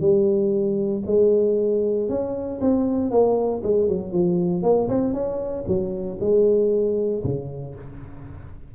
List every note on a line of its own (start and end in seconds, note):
0.00 1.03 G3
1.06 2.09 G#3
2.09 2.60 C#4
2.61 3.11 C4
3.11 3.62 A#3
3.63 3.88 G#3
3.88 4.12 F#3
4.12 4.62 F3
4.62 4.88 A#3
4.88 5.13 C4
5.13 5.65 C#4
5.67 6.19 F#3
6.20 7.23 G#3
7.24 7.75 C#3